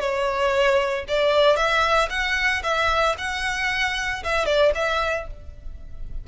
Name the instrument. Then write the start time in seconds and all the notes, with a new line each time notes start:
violin
0.00 C#5
1.08 D5
1.56 E5
2.10 F#5
2.63 E5
3.18 F#5
4.24 E5
4.46 D5
4.75 E5